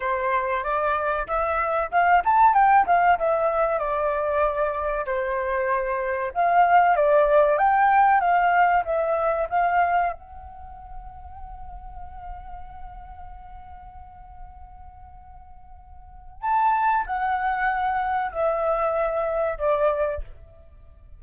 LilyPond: \new Staff \with { instrumentName = "flute" } { \time 4/4 \tempo 4 = 95 c''4 d''4 e''4 f''8 a''8 | g''8 f''8 e''4 d''2 | c''2 f''4 d''4 | g''4 f''4 e''4 f''4 |
fis''1~ | fis''1~ | fis''2 a''4 fis''4~ | fis''4 e''2 d''4 | }